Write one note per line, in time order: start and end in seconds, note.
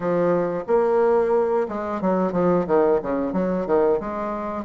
0.00 0.64 F3
0.67 1.67 A#3
1.68 2.01 G#3
2.01 2.32 F#3
2.32 2.65 F3
2.66 3.00 D#3
3.02 3.32 C#3
3.32 3.66 F#3
3.66 3.99 D#3
3.99 4.64 G#3